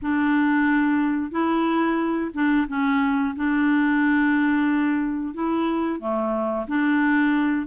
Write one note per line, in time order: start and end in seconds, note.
0.02 1.31 D4
1.31 2.31 E4
2.33 2.67 D4
2.68 3.35 C#4
3.36 5.33 D4
5.33 5.99 E4
5.99 6.66 A3
6.67 7.66 D4